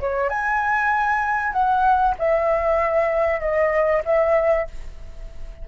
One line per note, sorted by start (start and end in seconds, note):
0.00 0.30 C#5
0.30 1.53 G#5
1.53 2.15 F#5
2.19 3.40 E5
3.40 4.03 D#5
4.05 4.68 E5